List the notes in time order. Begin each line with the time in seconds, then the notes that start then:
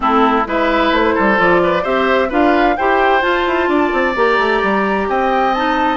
0.00 A3 C4 E4 A4
0.46 G#3 E4 B4 E5
0.91 A3 C5
1.14 G3 A4
1.36 F3 F4 D5
1.63 B4
1.82 C4 G4 C5 E5
2.29 D4 F4 B4 F5
2.76 E4 G4 C5 G5
3.21 F4 A5
3.46 E4
3.68 D4 D5
3.92 C4
4.15 A#3 G4 A#5
4.38 A3
4.62 G3
5.08 C4 D#5 G5
5.54 D#4 A5